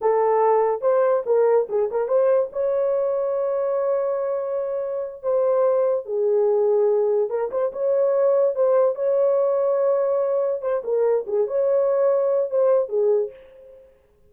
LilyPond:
\new Staff \with { instrumentName = "horn" } { \time 4/4 \tempo 4 = 144 a'2 c''4 ais'4 | gis'8 ais'8 c''4 cis''2~ | cis''1~ | cis''8 c''2 gis'4.~ |
gis'4. ais'8 c''8 cis''4.~ | cis''8 c''4 cis''2~ cis''8~ | cis''4. c''8 ais'4 gis'8 cis''8~ | cis''2 c''4 gis'4 | }